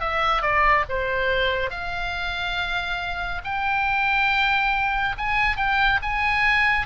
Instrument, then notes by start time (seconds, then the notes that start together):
oboe
0.00 E5
0.41 D5
0.89 C5
1.70 F5
3.44 G5
5.17 G#5
5.57 G5
6.02 G#5